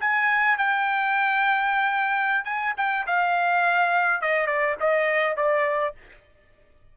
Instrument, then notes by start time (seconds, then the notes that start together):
trumpet
0.00 G#5
0.58 G5
2.45 G#5
2.77 G5
3.07 F5
4.21 D#5
4.47 D5
4.80 D#5
5.36 D5